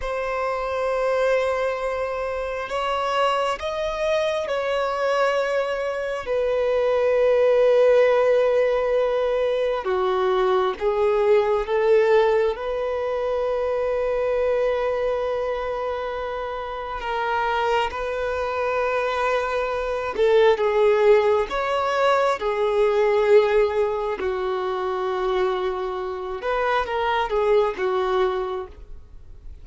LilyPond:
\new Staff \with { instrumentName = "violin" } { \time 4/4 \tempo 4 = 67 c''2. cis''4 | dis''4 cis''2 b'4~ | b'2. fis'4 | gis'4 a'4 b'2~ |
b'2. ais'4 | b'2~ b'8 a'8 gis'4 | cis''4 gis'2 fis'4~ | fis'4. b'8 ais'8 gis'8 fis'4 | }